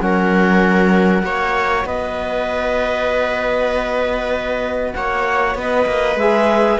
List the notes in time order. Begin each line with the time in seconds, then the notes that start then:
0.00 F#3 C#4 A#4 F#5
1.22 A#3 F#4 C#5
1.84 B3 B4 D#5
4.93 A#3 C#5 F#5
5.54 B3 B4 D#5
5.86 A#3
6.15 G#3 G#4 E5